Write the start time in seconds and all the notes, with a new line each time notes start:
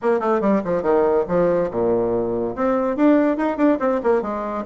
0.02 A#3
0.20 A3
0.40 G3
0.64 F3
0.82 D#3
1.28 F3
1.70 A#2
2.55 C4
2.96 D4
3.37 D#4
3.57 D4
3.79 C4
4.03 A#3
4.22 G#3